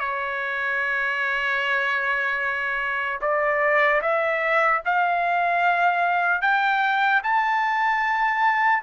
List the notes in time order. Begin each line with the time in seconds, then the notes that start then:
0.00 C#5
3.22 D5
4.02 E5
4.85 F5
6.42 G5
7.24 A5